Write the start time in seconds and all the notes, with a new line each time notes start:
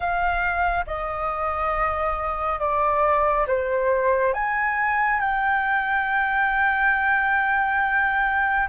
0.00 F5
0.86 D#5
2.59 D5
3.47 C5
4.33 G#5
5.20 G5